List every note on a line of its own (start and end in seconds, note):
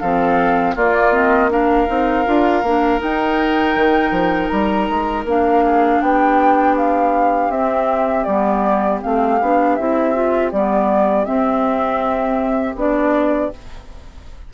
0.00 0.76 F3
0.00 0.78 C4
0.00 0.75 A4
0.00 0.75 F5
0.75 1.88 A#3
0.75 1.12 A#3
0.75 1.50 F4
0.75 1.13 D5
1.12 1.50 C4
1.12 1.50 D#5
1.50 1.87 D4
1.50 5.65 A#4
1.50 3.02 F5
1.87 2.26 C4
1.87 2.25 D#4
2.25 2.63 D4
2.25 2.63 F4
2.63 3.00 A#3
2.63 2.99 D4
2.99 5.24 D#4
2.99 3.75 D#4
2.99 4.48 G5
3.75 4.11 D#3
4.11 4.49 F3
4.48 4.89 G3
4.48 5.23 A#5
4.90 5.25 G#3
5.25 6.00 A#3
5.25 7.52 D4
5.25 6.01 F5
5.65 6.03 G#4
6.01 7.50 B3
6.01 13.53 G4
6.01 6.76 G5
6.77 7.51 F5
7.50 8.25 C4
7.50 8.27 C4
7.50 8.24 E5
8.24 9.02 G3
8.24 9.01 B3
8.24 8.99 D5
9.01 9.41 A3
9.01 9.39 C4
9.01 9.75 F5
9.41 9.79 B3
9.41 9.79 D4
9.75 10.52 C4
9.75 10.14 E4
9.75 10.50 E5
10.14 10.52 F4
10.52 11.27 G3
10.52 11.25 B3
10.52 11.25 D5
11.25 12.75 C4
11.25 12.75 E5
12.75 13.50 B3
12.75 13.52 D4
12.75 13.54 D5